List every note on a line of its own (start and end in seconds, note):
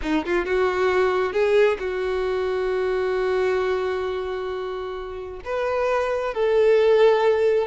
0.02 0.24 D#4
0.25 0.45 F4
0.45 1.32 F#4
1.32 1.77 G#4
1.79 5.40 F#4
5.44 6.34 B4
6.34 7.67 A4